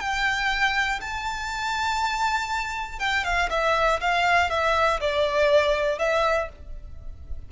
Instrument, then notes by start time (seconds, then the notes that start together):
violin
0.00 G5
1.01 A5
2.99 G5
3.24 F5
3.50 E5
4.00 F5
4.50 E5
5.00 D5
5.99 E5